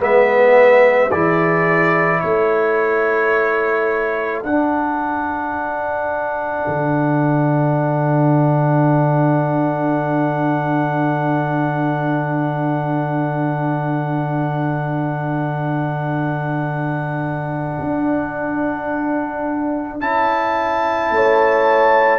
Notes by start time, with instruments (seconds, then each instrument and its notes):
0.00 tuba G#3, trombone B3, horn B4, trumpet E5
1.11 tuba E3, trombone E4, horn G#4, trumpet D5
2.20 tuba A3, horn A4, trumpet C#5
4.44 tuba D4, trombone D4, trumpet F#5
6.68 tuba D3
17.80 tuba D4
20.01 tuba C#4, trombone E4, trumpet A5
21.10 tuba A3, horn C#5